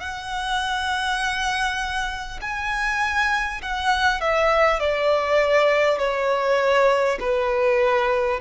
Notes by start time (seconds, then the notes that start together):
0.00 F#5
2.41 G#5
3.62 F#5
4.20 E5
4.79 D5
5.98 C#5
7.20 B4